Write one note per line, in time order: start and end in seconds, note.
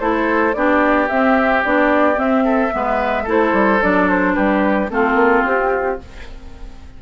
0.00 0.55 A3
0.00 0.55 E4
0.00 0.55 A4
0.00 0.54 C5
0.54 1.10 B3
0.54 1.10 D4
0.54 2.45 G4
0.54 1.08 D5
1.09 1.65 C4
1.09 1.63 E5
1.65 2.17 B3
1.65 2.15 D4
1.65 2.19 D5
2.15 2.70 C4
2.15 2.72 C4
2.15 3.28 E5
2.45 2.72 A4
2.71 3.27 G#3
2.71 3.26 B3
2.71 3.24 B4
3.24 3.53 A3
3.24 3.81 E4
3.24 4.33 A4
3.31 3.83 C5
3.53 3.80 G3
3.81 4.37 F#3
3.81 4.90 D4
3.81 4.10 D5
4.10 4.34 C5
4.34 4.90 G3
4.34 4.90 G4
4.34 4.89 B4
4.90 5.15 A3
4.90 5.99 C4
4.90 6.02 F4
4.90 5.45 A4
5.15 5.42 A#3
5.46 6.00 C4
5.46 6.00 G4